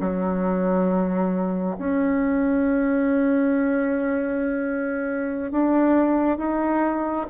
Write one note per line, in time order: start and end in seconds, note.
0.00 1.76 F#3
1.78 5.51 C#4
5.51 6.38 D4
6.38 7.26 D#4